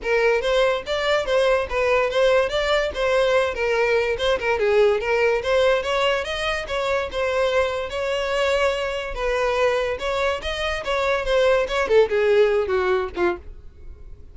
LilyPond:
\new Staff \with { instrumentName = "violin" } { \time 4/4 \tempo 4 = 144 ais'4 c''4 d''4 c''4 | b'4 c''4 d''4 c''4~ | c''8 ais'4. c''8 ais'8 gis'4 | ais'4 c''4 cis''4 dis''4 |
cis''4 c''2 cis''4~ | cis''2 b'2 | cis''4 dis''4 cis''4 c''4 | cis''8 a'8 gis'4. fis'4 f'8 | }